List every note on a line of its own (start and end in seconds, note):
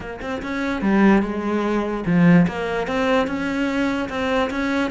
0.00 0.20 A#3
0.21 0.41 C4
0.42 0.81 C#4
0.81 1.22 G3
1.22 2.04 G#3
2.06 2.46 F3
2.47 2.87 A#3
2.87 3.27 C4
3.27 4.08 C#4
4.09 4.50 C4
4.50 4.90 C#4